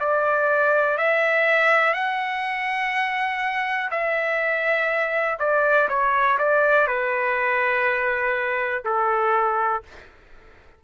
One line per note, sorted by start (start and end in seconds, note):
0.00 0.97 D5
0.97 1.93 E5
1.93 3.90 F#5
3.91 5.38 E5
5.39 5.88 D5
5.88 6.38 C#5
6.38 6.87 D5
6.87 8.83 B4
8.85 9.83 A4